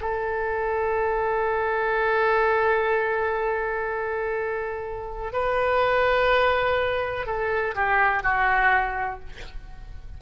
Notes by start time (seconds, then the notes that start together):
0.00 A4
5.32 B4
7.26 A4
7.75 G4
8.23 F#4